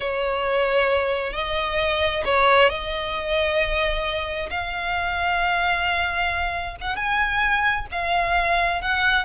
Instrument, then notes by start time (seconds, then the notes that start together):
violin
0.00 C#5
1.33 D#5
2.24 C#5
2.69 D#5
4.50 F5
6.80 F#5
6.96 G#5
7.91 F5
8.81 F#5